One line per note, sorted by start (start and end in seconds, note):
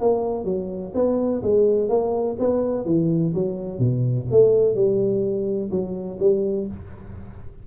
0.00 0.45 A#3
0.45 0.92 F#3
0.94 1.42 B3
1.42 1.89 G#3
1.89 2.36 A#3
2.39 2.85 B3
2.85 3.33 E3
3.34 3.79 F#3
3.79 4.26 B2
4.31 4.75 A3
4.75 5.70 G3
5.71 6.18 F#3
6.20 6.67 G3